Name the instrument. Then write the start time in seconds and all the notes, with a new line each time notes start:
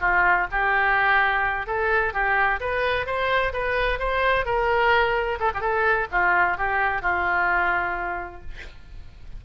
oboe
0.00 F4
0.51 G4
1.66 A4
2.13 G4
2.60 B4
3.06 C5
3.52 B4
3.99 C5
4.45 A#4
5.40 A4
5.54 G4
5.60 A4
6.11 F4
6.57 G4
7.01 F4